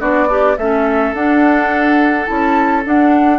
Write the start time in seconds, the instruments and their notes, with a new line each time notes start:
0.00 bassoon B3, clarinet D4, oboe F#4, flute D5
0.27 oboe D4, clarinet G4
0.58 bassoon A3, clarinet C#4, oboe A4, flute E5
1.13 bassoon D4, clarinet D4, flute F#5
2.26 bassoon C#4, clarinet E4, flute A5
2.85 clarinet D4, bassoon D4, flute F#5